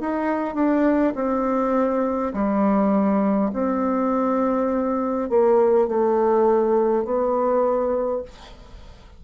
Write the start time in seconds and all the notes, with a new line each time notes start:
0.00 D#4
0.54 D4
1.15 C4
2.33 G3
3.53 C4
5.29 A#3
5.88 A3
7.04 B3